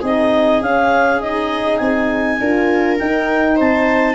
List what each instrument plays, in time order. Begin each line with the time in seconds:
0.00 tuba C4, horn D#4, viola G#4, clarinet D#5
0.61 tuba C#4, horn C#4, clarinet F5
1.21 horn D#4, clarinet D#5
1.78 tuba C4, clarinet G#5
2.41 tuba D4, horn F4, viola A#4
2.99 horn D#4, tuba D#4, clarinet G5
3.56 tuba C4, viola C5, clarinet A5